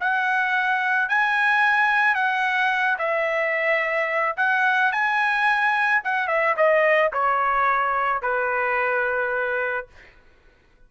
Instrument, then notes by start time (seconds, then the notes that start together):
trumpet
0.00 F#5
1.09 G#5
2.14 F#5
2.98 E5
4.37 F#5
4.92 G#5
6.04 F#5
6.27 E5
6.56 D#5
7.13 C#5
8.22 B4